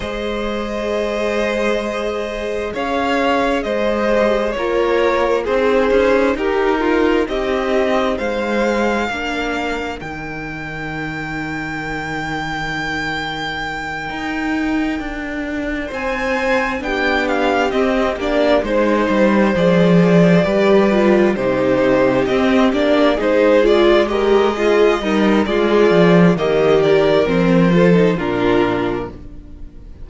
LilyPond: <<
  \new Staff \with { instrumentName = "violin" } { \time 4/4 \tempo 4 = 66 dis''2. f''4 | dis''4 cis''4 c''4 ais'4 | dis''4 f''2 g''4~ | g''1~ |
g''4. gis''4 g''8 f''8 dis''8 | d''8 c''4 d''2 c''8~ | c''8 dis''8 d''8 c''8 d''8 dis''4. | d''4 dis''8 d''8 c''4 ais'4 | }
  \new Staff \with { instrumentName = "violin" } { \time 4/4 c''2. cis''4 | c''4 ais'4 gis'4 g'8 f'8 | g'4 c''4 ais'2~ | ais'1~ |
ais'4. c''4 g'4.~ | g'8 c''2 b'4 g'8~ | g'4. gis'4 ais'8 f'8 dis'8 | f'4 ais8 ais'4 a'8 f'4 | }
  \new Staff \with { instrumentName = "viola" } { \time 4/4 gis'1~ | gis'8 g'8 f'4 dis'2~ | dis'2 d'4 dis'4~ | dis'1~ |
dis'2~ dis'8 d'4 c'8 | d'8 dis'4 gis'4 g'8 f'8 dis'8~ | dis'8 c'8 d'8 dis'8 f'8 g'8 gis'8 ais'8 | gis'4 g'4 c'8 f'16 dis'16 d'4 | }
  \new Staff \with { instrumentName = "cello" } { \time 4/4 gis2. cis'4 | gis4 ais4 c'8 cis'8 dis'4 | c'4 gis4 ais4 dis4~ | dis2.~ dis8 dis'8~ |
dis'8 d'4 c'4 b4 c'8 | ais8 gis8 g8 f4 g4 c8~ | c8 c'8 ais8 gis2 g8 | gis8 f8 dis4 f4 ais,4 | }
>>